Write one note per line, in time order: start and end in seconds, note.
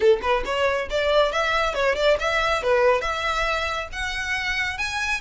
0.00 0.20 A4
0.22 0.43 B4
0.45 0.88 C#5
0.89 1.32 D5
1.32 1.74 E5
1.74 1.95 C#5
1.95 2.17 D5
2.19 2.62 E5
2.62 3.01 B4
3.01 3.88 E5
3.92 4.77 F#5
4.77 5.21 G#5